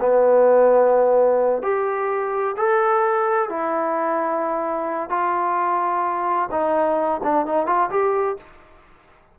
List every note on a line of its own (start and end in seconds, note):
0.00 1.63 B3
1.63 2.56 G4
2.57 3.49 A4
3.49 5.10 E4
5.10 6.49 F4
6.51 7.21 D#4
7.23 7.46 D4
7.46 7.66 D#4
7.66 7.90 F4
7.90 8.37 G4